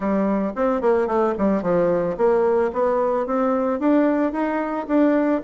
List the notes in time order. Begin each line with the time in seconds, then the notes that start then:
0.00 G3
0.55 C4
0.81 A#3
1.07 A3
1.38 G3
1.62 F3
2.17 A#3
2.72 B3
3.26 C4
3.79 D4
4.32 D#4
4.87 D4